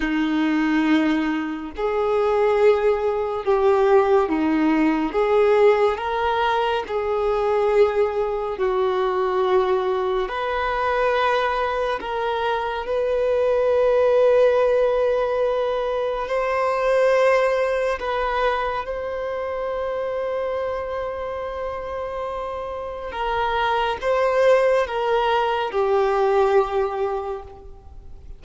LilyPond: \new Staff \with { instrumentName = "violin" } { \time 4/4 \tempo 4 = 70 dis'2 gis'2 | g'4 dis'4 gis'4 ais'4 | gis'2 fis'2 | b'2 ais'4 b'4~ |
b'2. c''4~ | c''4 b'4 c''2~ | c''2. ais'4 | c''4 ais'4 g'2 | }